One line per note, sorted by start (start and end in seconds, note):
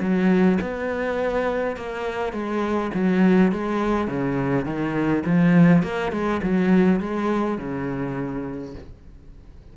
0.00 0.58 F#3
0.61 1.77 B3
1.77 2.33 A#3
2.33 2.91 G#3
2.94 3.52 F#3
3.52 4.08 G#3
4.08 4.65 C#3
4.65 5.23 D#3
5.26 5.83 F3
5.83 6.12 A#3
6.12 6.41 G#3
6.43 7.00 F#3
7.00 7.58 G#3
7.58 8.75 C#3